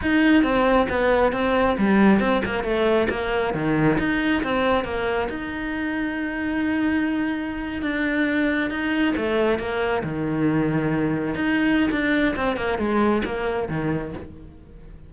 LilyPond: \new Staff \with { instrumentName = "cello" } { \time 4/4 \tempo 4 = 136 dis'4 c'4 b4 c'4 | g4 c'8 ais8 a4 ais4 | dis4 dis'4 c'4 ais4 | dis'1~ |
dis'4.~ dis'16 d'2 dis'16~ | dis'8. a4 ais4 dis4~ dis16~ | dis4.~ dis16 dis'4~ dis'16 d'4 | c'8 ais8 gis4 ais4 dis4 | }